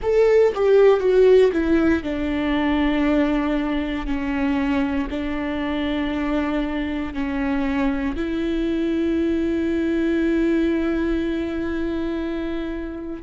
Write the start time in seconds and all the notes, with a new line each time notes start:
0.02 A4
0.55 G4
1.00 F#4
1.52 E4
2.03 D4
4.06 C#4
5.10 D4
7.13 C#4
8.15 E4